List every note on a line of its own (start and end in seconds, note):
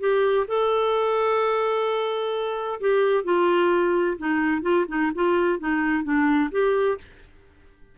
0.00 0.47 G4
0.48 2.80 A4
2.81 3.24 G4
3.24 4.17 F4
4.18 4.62 D#4
4.62 4.86 F4
4.88 5.12 D#4
5.15 5.60 F4
5.60 6.04 D#4
6.04 6.51 D4
6.52 6.98 G4